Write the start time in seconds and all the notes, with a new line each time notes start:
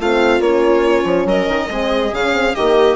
0.00 A3 C4 F4 F5
0.40 A#3 C#4 C#5
1.05 F3
1.26 F#3 A#4 D#5
1.48 D#3
1.70 G#3 C4 G#4
2.12 C#3 C#4 F5
2.34 C4
2.55 D#3 A#3 G4 D#5